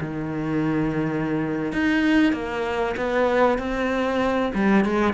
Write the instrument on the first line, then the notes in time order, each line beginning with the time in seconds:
cello
0.00 D#3
1.72 D#4
2.32 A#3
2.96 B3
3.58 C4
4.54 G3
4.84 G#3